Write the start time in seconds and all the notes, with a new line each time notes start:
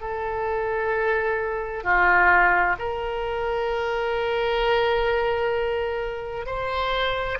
0.00 A4
1.83 F4
2.79 A#4
6.46 C5